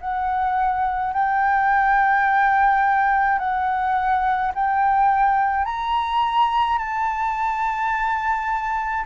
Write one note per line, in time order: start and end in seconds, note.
0.00 1.13 F#5
1.13 3.39 G5
3.39 4.52 F#5
4.54 5.64 G5
5.64 6.78 A#5
6.78 9.05 A5